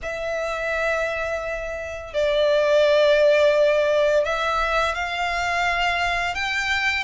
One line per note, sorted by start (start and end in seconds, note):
0.02 2.13 E5
2.13 4.24 D5
4.24 4.94 E5
4.94 6.34 F5
6.34 7.03 G5